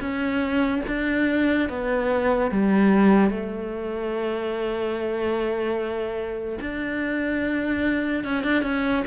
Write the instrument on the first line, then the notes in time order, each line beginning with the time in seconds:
cello
0.00 C#4
0.87 D4
1.68 B3
2.51 G3
3.30 A3
6.60 D4
8.24 C#4
8.43 D4
8.62 C#4